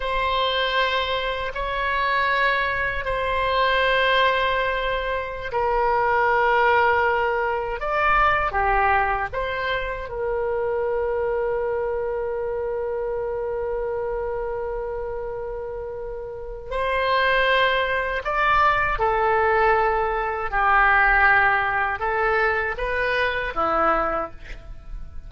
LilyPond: \new Staff \with { instrumentName = "oboe" } { \time 4/4 \tempo 4 = 79 c''2 cis''2 | c''2.~ c''16 ais'8.~ | ais'2~ ais'16 d''4 g'8.~ | g'16 c''4 ais'2~ ais'8.~ |
ais'1~ | ais'2 c''2 | d''4 a'2 g'4~ | g'4 a'4 b'4 e'4 | }